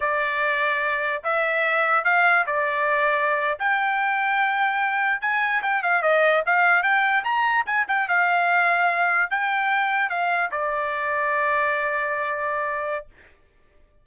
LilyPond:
\new Staff \with { instrumentName = "trumpet" } { \time 4/4 \tempo 4 = 147 d''2. e''4~ | e''4 f''4 d''2~ | d''8. g''2.~ g''16~ | g''8. gis''4 g''8 f''8 dis''4 f''16~ |
f''8. g''4 ais''4 gis''8 g''8 f''16~ | f''2~ f''8. g''4~ g''16~ | g''8. f''4 d''2~ d''16~ | d''1 | }